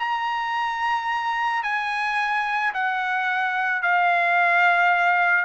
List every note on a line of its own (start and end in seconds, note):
0.00 1.64 A#5
1.64 2.74 G#5
2.74 3.83 F#5
3.83 5.46 F5